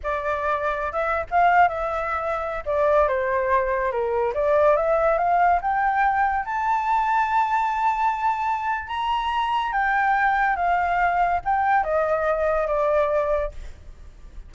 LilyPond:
\new Staff \with { instrumentName = "flute" } { \time 4/4 \tempo 4 = 142 d''2~ d''16 e''8. f''4 | e''2~ e''16 d''4 c''8.~ | c''4~ c''16 ais'4 d''4 e''8.~ | e''16 f''4 g''2 a''8.~ |
a''1~ | a''4 ais''2 g''4~ | g''4 f''2 g''4 | dis''2 d''2 | }